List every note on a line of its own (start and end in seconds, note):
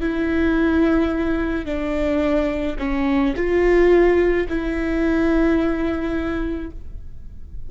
0.00 1.65 E4
1.65 2.76 D4
2.78 3.34 C#4
3.36 4.47 F4
4.48 6.70 E4